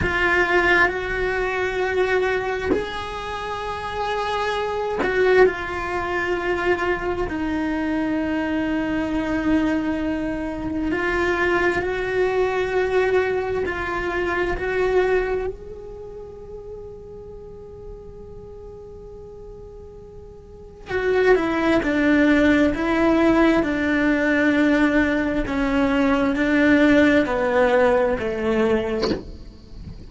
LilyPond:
\new Staff \with { instrumentName = "cello" } { \time 4/4 \tempo 4 = 66 f'4 fis'2 gis'4~ | gis'4. fis'8 f'2 | dis'1 | f'4 fis'2 f'4 |
fis'4 gis'2.~ | gis'2. fis'8 e'8 | d'4 e'4 d'2 | cis'4 d'4 b4 a4 | }